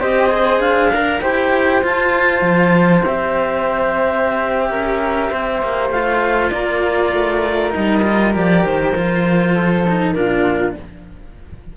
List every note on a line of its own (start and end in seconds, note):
0.00 0.59 C4
0.00 0.29 G4
0.00 0.91 C5
0.00 0.60 D#5
0.29 0.90 G#4
0.59 1.20 D4
0.59 1.21 F5
0.93 1.22 A#4
0.93 1.21 A#4
1.21 1.83 E4
1.21 1.82 G4
1.21 4.71 C5
1.21 1.84 G5
1.82 3.03 F4
1.82 2.42 F4
1.82 3.05 A5
2.42 3.02 F3
3.03 4.70 C4
3.03 5.94 G4
3.03 5.91 E5
4.70 5.30 C#4
4.70 5.30 A#4
5.30 5.62 C4
5.30 6.51 C5
5.62 5.90 A#3
5.90 6.50 A3
5.90 7.70 F4
5.90 6.50 F5
6.50 7.13 A#3
6.50 9.54 A#4
6.50 7.71 D5
7.13 7.73 A3
7.70 8.00 D#4
7.70 8.33 D#5
7.76 8.35 G3
8.02 8.32 F4
8.33 8.64 F3
8.33 8.93 G4
8.33 8.65 D5
8.64 8.94 D#3
8.64 10.13 C5
8.95 10.14 F3
8.95 9.86 F4
9.54 10.14 A4
9.89 10.15 D#4
10.13 10.75 A#2
10.13 10.76 D4
10.13 10.77 F4
10.13 10.73 A#4